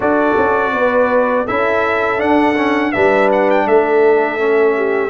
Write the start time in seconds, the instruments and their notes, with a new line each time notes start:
0.00 tuba D4, trombone F#4, horn A4, trumpet D5
0.37 tuba C#4
0.72 tuba B3, horn B4
1.45 tuba C#4, trombone E4, horn A4, trumpet E5
2.17 trombone D4, tuba D4, trumpet F#5
2.56 trombone C#4
2.92 tuba G3, trombone D4, horn B4, trumpet E5
3.31 trumpet F#5
3.50 trumpet G5
3.66 tuba A3, horn A4, trumpet E5
4.38 trombone C#4
4.76 horn G4